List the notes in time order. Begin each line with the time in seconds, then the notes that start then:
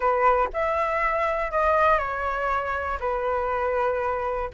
0.00 B4
0.53 E5
1.51 D#5
1.98 C#5
3.00 B4